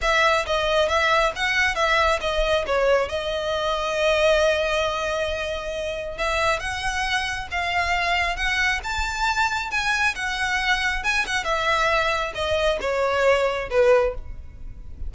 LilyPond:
\new Staff \with { instrumentName = "violin" } { \time 4/4 \tempo 4 = 136 e''4 dis''4 e''4 fis''4 | e''4 dis''4 cis''4 dis''4~ | dis''1~ | dis''2 e''4 fis''4~ |
fis''4 f''2 fis''4 | a''2 gis''4 fis''4~ | fis''4 gis''8 fis''8 e''2 | dis''4 cis''2 b'4 | }